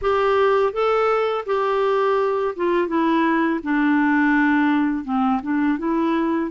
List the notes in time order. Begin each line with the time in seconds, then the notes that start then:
0.01 G4
0.72 A4
1.46 G4
2.55 F4
2.87 E4
3.63 D4
5.04 C4
5.42 D4
5.78 E4